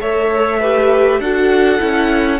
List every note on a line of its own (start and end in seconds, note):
0.00 1.20 A3
0.00 0.60 A4
0.00 0.60 C#5
0.00 1.21 E5
0.60 1.22 G4
0.60 1.20 B4
1.20 1.79 D4
1.20 1.79 F#4
1.20 2.40 A4
1.20 2.40 F#5
1.79 2.40 C#4
1.79 2.39 E4